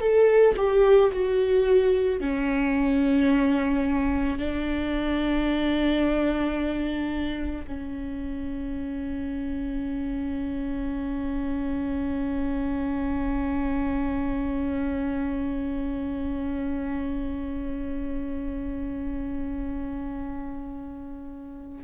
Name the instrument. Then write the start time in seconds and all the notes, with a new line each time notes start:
viola
0.00 A4
0.57 G4
1.13 F#4
2.21 C#4
4.39 D4
7.67 C#4